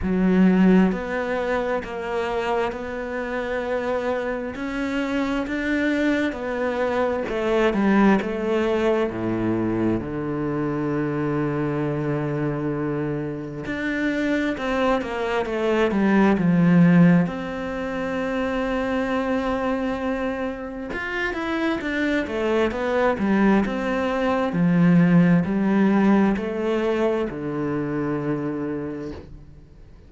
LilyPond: \new Staff \with { instrumentName = "cello" } { \time 4/4 \tempo 4 = 66 fis4 b4 ais4 b4~ | b4 cis'4 d'4 b4 | a8 g8 a4 a,4 d4~ | d2. d'4 |
c'8 ais8 a8 g8 f4 c'4~ | c'2. f'8 e'8 | d'8 a8 b8 g8 c'4 f4 | g4 a4 d2 | }